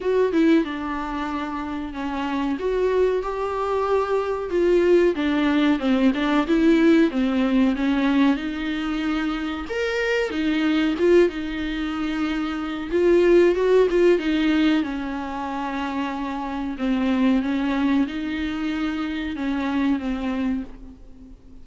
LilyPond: \new Staff \with { instrumentName = "viola" } { \time 4/4 \tempo 4 = 93 fis'8 e'8 d'2 cis'4 | fis'4 g'2 f'4 | d'4 c'8 d'8 e'4 c'4 | cis'4 dis'2 ais'4 |
dis'4 f'8 dis'2~ dis'8 | f'4 fis'8 f'8 dis'4 cis'4~ | cis'2 c'4 cis'4 | dis'2 cis'4 c'4 | }